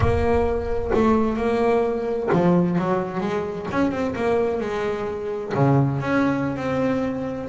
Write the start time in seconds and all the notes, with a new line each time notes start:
0.00 A#3
0.94 A3
1.36 A#3
2.32 F3
2.78 F#3
3.20 G#3
3.71 C#4
3.91 C4
4.15 A#3
4.60 G#3
5.54 C#3
6.00 C#4
6.56 C4